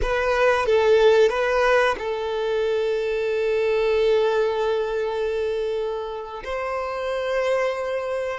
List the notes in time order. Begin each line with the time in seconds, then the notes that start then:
0.02 B4
0.66 A4
1.29 B4
1.98 A4
6.43 C5